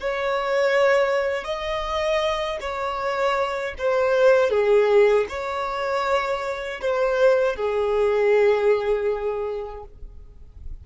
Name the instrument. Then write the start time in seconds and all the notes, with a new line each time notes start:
violin
0.00 C#5
1.44 D#5
2.60 C#5
3.78 C5
4.50 G#4
5.29 C#5
6.81 C5
7.56 G#4